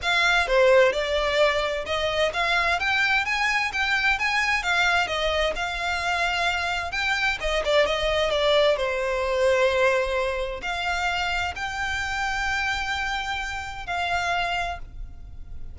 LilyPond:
\new Staff \with { instrumentName = "violin" } { \time 4/4 \tempo 4 = 130 f''4 c''4 d''2 | dis''4 f''4 g''4 gis''4 | g''4 gis''4 f''4 dis''4 | f''2. g''4 |
dis''8 d''8 dis''4 d''4 c''4~ | c''2. f''4~ | f''4 g''2.~ | g''2 f''2 | }